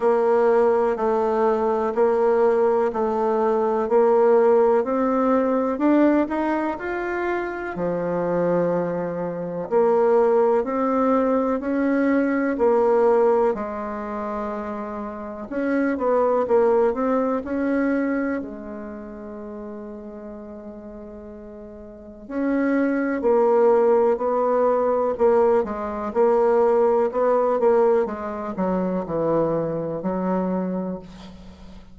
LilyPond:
\new Staff \with { instrumentName = "bassoon" } { \time 4/4 \tempo 4 = 62 ais4 a4 ais4 a4 | ais4 c'4 d'8 dis'8 f'4 | f2 ais4 c'4 | cis'4 ais4 gis2 |
cis'8 b8 ais8 c'8 cis'4 gis4~ | gis2. cis'4 | ais4 b4 ais8 gis8 ais4 | b8 ais8 gis8 fis8 e4 fis4 | }